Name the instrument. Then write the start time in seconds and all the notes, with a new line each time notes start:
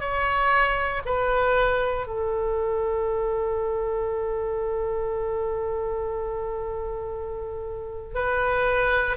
oboe
0.00 C#5
1.05 B4
2.07 A4
8.15 B4